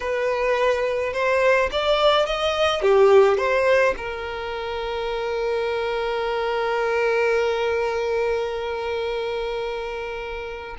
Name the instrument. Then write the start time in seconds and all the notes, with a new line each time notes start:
violin
0.00 B4
1.13 C5
1.71 D5
2.26 D#5
2.82 G4
3.37 C5
3.97 A#4